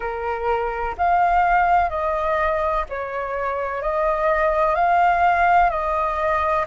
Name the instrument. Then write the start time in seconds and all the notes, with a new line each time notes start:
flute
0.00 A#4
0.97 F5
1.89 D#5
2.89 C#5
3.82 D#5
4.75 F5
5.70 D#5